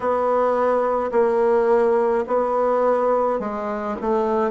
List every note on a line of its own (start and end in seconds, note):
0.00 1.10 B3
1.11 2.24 A#3
2.26 3.39 B3
3.39 3.96 G#3
4.01 4.50 A3